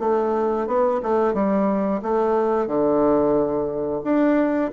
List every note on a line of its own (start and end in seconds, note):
0.00 0.67 A3
0.67 1.01 B3
1.03 1.34 A3
1.34 2.02 G3
2.03 2.68 A3
2.68 4.02 D3
4.04 4.72 D4